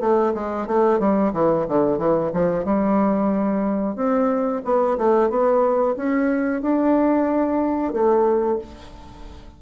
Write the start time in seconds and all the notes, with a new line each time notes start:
0.00 A3
0.34 G#3
0.67 A3
1.00 G3
1.33 E3
1.68 D3
1.98 E3
2.33 F3
2.65 G3
3.96 C4
4.65 B3
4.98 A3
5.30 B3
5.96 C#4
6.62 D4
7.93 A3